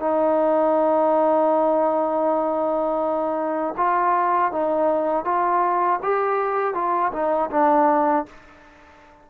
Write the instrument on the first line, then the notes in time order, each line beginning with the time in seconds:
trombone
0.00 D#4
3.77 F4
4.52 D#4
5.25 F4
6.03 G4
6.74 F4
7.13 D#4
7.51 D4